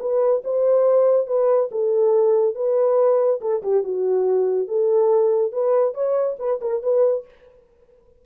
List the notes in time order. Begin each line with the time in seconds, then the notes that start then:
0.00 B4
0.44 C5
1.27 B4
1.72 A4
2.55 B4
3.41 A4
3.63 G4
3.84 F#4
4.68 A4
5.52 B4
5.94 C#5
6.39 B4
6.61 A#4
6.83 B4